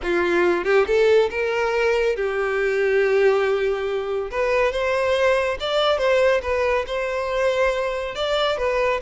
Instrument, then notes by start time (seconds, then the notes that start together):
violin
0.02 F4
0.64 G4
0.86 A4
1.30 A#4
2.15 G4
4.30 B4
4.71 C5
5.59 D5
5.98 C5
6.42 B4
6.86 C5
8.15 D5
8.57 B4